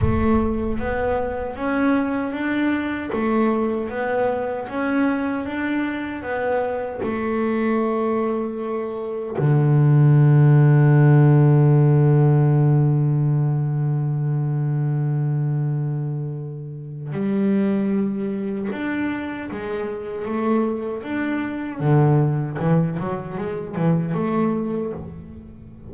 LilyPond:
\new Staff \with { instrumentName = "double bass" } { \time 4/4 \tempo 4 = 77 a4 b4 cis'4 d'4 | a4 b4 cis'4 d'4 | b4 a2. | d1~ |
d1~ | d2 g2 | d'4 gis4 a4 d'4 | d4 e8 fis8 gis8 e8 a4 | }